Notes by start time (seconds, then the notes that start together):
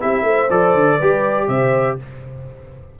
0.00 C4 E4 G4 E5
0.23 A3 C5
0.50 F3 A4 D5
0.74 D3
0.97 G3 G4 B4
1.48 C3 C5 E5